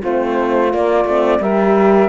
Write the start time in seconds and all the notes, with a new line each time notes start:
0.00 A3 C4 F4 C5
0.71 A#3 D5
1.05 A3 C4
1.40 G3 G4 A#4 E5